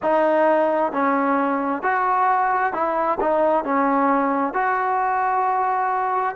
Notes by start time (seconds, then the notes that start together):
0.02 D#4
0.92 C#4
1.82 F#4
2.73 E4
3.20 D#4
3.64 C#4
4.53 F#4